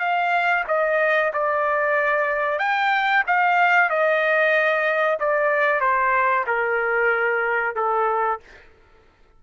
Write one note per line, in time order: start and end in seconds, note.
0.00 0.65 F5
0.68 1.33 D#5
1.33 2.59 D5
2.59 3.24 G5
3.27 3.90 F5
3.90 5.19 D#5
5.20 5.81 D5
5.81 6.45 C5
6.48 7.76 A#4
7.76 8.40 A4